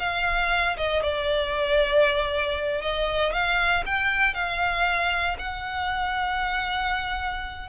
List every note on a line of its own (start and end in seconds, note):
0.00 0.77 F5
0.77 1.03 D#5
1.03 2.82 D5
2.82 3.33 D#5
3.33 3.84 F5
3.86 4.34 G5
4.34 5.37 F5
5.39 7.69 F#5